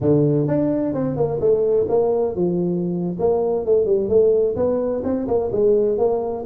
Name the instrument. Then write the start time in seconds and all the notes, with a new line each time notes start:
tuba
0.00 D3
0.47 D4
0.94 C4
1.16 A#3
1.40 A3
1.88 A#3
2.35 F3
3.19 A#3
3.65 A3
3.85 G3
4.08 A3
4.56 B3
5.03 C4
5.27 A#3
5.52 G#3
5.98 A#3